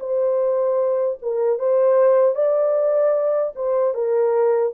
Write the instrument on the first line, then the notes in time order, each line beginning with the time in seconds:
horn
0.00 C5
1.22 A#4
1.59 C5
2.35 D5
3.56 C5
3.94 A#4